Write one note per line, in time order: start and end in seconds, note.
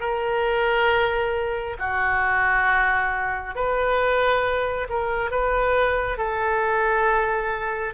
0.00 1.76 A#4
1.79 3.55 F#4
3.55 4.88 B4
4.89 5.31 A#4
5.31 6.18 B4
6.18 7.94 A4